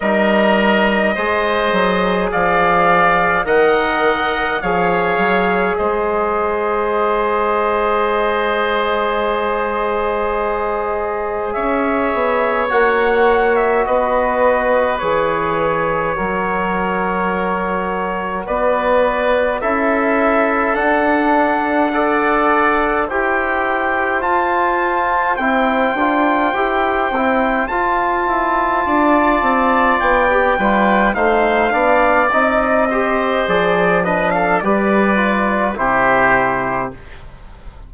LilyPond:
<<
  \new Staff \with { instrumentName = "trumpet" } { \time 4/4 \tempo 4 = 52 dis''2 f''4 fis''4 | f''4 dis''2.~ | dis''2 e''4 fis''8. e''16 | dis''4 cis''2. |
d''4 e''4 fis''2 | g''4 a''4 g''2 | a''2 g''4 f''4 | dis''4 d''8 dis''16 f''16 d''4 c''4 | }
  \new Staff \with { instrumentName = "oboe" } { \time 4/4 ais'4 c''4 d''4 dis''4 | cis''4 c''2.~ | c''2 cis''2 | b'2 ais'2 |
b'4 a'2 d''4 | c''1~ | c''4 d''4. b'8 c''8 d''8~ | d''8 c''4 b'16 a'16 b'4 g'4 | }
  \new Staff \with { instrumentName = "trombone" } { \time 4/4 dis'4 gis'2 ais'4 | gis'1~ | gis'2. fis'4~ | fis'4 gis'4 fis'2~ |
fis'4 e'4 d'4 a'4 | g'4 f'4 e'8 f'8 g'8 e'8 | f'2~ f'16 g'16 f'8 dis'8 d'8 | dis'8 g'8 gis'8 d'8 g'8 f'8 e'4 | }
  \new Staff \with { instrumentName = "bassoon" } { \time 4/4 g4 gis8 fis8 f4 dis4 | f8 fis8 gis2.~ | gis2 cis'8 b8 ais4 | b4 e4 fis2 |
b4 cis'4 d'2 | e'4 f'4 c'8 d'8 e'8 c'8 | f'8 e'8 d'8 c'8 b8 g8 a8 b8 | c'4 f4 g4 c4 | }
>>